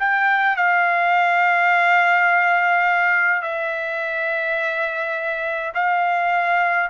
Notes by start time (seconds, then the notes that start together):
0.00 G5
0.57 F5
3.42 E5
5.75 F5